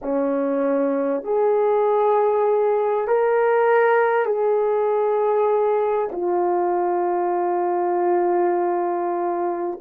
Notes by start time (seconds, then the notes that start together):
0.02 C#4
1.23 G#4
3.07 A#4
4.25 G#4
6.11 F4